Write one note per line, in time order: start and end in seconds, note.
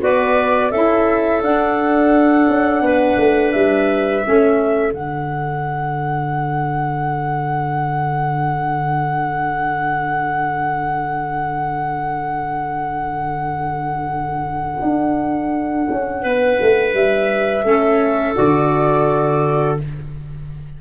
0.00 0.71 B3
0.00 0.71 F#4
0.00 0.71 B4
0.00 0.71 D5
0.71 1.42 C#4
0.71 1.42 E4
0.71 2.83 A4
0.71 1.42 E5
1.42 4.24 D4
1.42 2.48 D4
1.42 3.51 F#5
2.49 2.81 C#4
2.81 3.16 B3
2.81 4.25 B4
3.17 3.52 A3
3.51 4.25 G3
3.51 4.93 E5
4.24 4.91 A3
4.24 4.92 C#4
4.24 16.22 A4
4.91 14.80 D3
4.91 17.63 D4
4.91 16.93 F#5
14.82 15.87 D4
15.91 16.24 C#4
16.22 16.59 B3
16.22 17.63 B4
16.61 16.93 A3
16.93 17.63 G3
16.93 18.36 E5
17.63 18.34 A3
17.63 18.34 C#4
17.63 19.80 A4
18.35 19.80 D3
18.35 19.76 F#4
18.35 19.77 D5